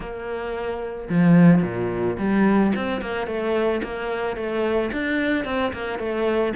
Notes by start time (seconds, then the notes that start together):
0.00 A#3
1.09 F3
1.62 A#2
2.18 G3
2.75 C4
3.01 A#3
3.27 A3
3.83 A#3
4.36 A3
4.92 D4
5.44 C4
5.73 A#3
5.99 A3